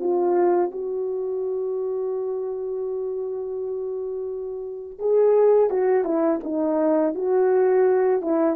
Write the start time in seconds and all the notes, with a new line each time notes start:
0.00 F4
0.71 F#4
4.99 G#4
5.70 F#4
6.05 E4
6.44 D#4
7.15 F#4
8.22 E4